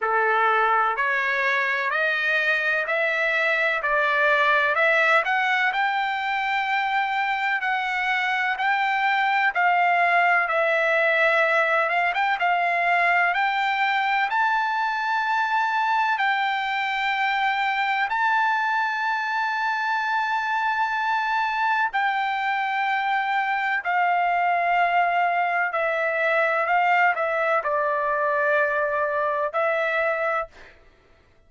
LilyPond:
\new Staff \with { instrumentName = "trumpet" } { \time 4/4 \tempo 4 = 63 a'4 cis''4 dis''4 e''4 | d''4 e''8 fis''8 g''2 | fis''4 g''4 f''4 e''4~ | e''8 f''16 g''16 f''4 g''4 a''4~ |
a''4 g''2 a''4~ | a''2. g''4~ | g''4 f''2 e''4 | f''8 e''8 d''2 e''4 | }